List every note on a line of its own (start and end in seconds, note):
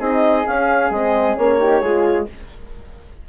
0.00 0.45 C4
0.00 0.45 D#4
0.00 1.58 G#4
0.00 0.47 D#5
0.45 0.91 C#4
0.45 0.90 C#4
0.45 0.92 F5
0.90 1.36 G#3
0.90 1.38 C4
0.90 1.36 D#5
1.36 1.82 A#3
1.36 1.59 C#4
1.36 2.27 C#5
1.59 1.82 D#4
1.59 1.82 G4
1.82 2.27 G#3
1.82 2.29 F4
1.82 2.27 G#4